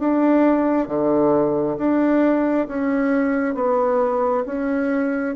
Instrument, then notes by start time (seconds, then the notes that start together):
bassoon
0.00 D4
0.88 D3
1.78 D4
2.68 C#4
3.55 B3
4.46 C#4